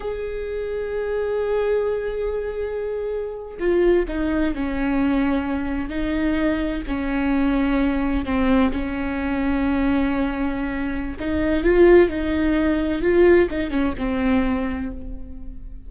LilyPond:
\new Staff \with { instrumentName = "viola" } { \time 4/4 \tempo 4 = 129 gis'1~ | gis'2.~ gis'8. f'16~ | f'8. dis'4 cis'2~ cis'16~ | cis'8. dis'2 cis'4~ cis'16~ |
cis'4.~ cis'16 c'4 cis'4~ cis'16~ | cis'1 | dis'4 f'4 dis'2 | f'4 dis'8 cis'8 c'2 | }